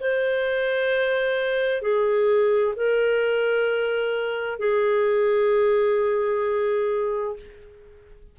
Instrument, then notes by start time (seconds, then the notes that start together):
clarinet
0.00 C5
1.82 G#4
2.76 A#4
4.59 G#4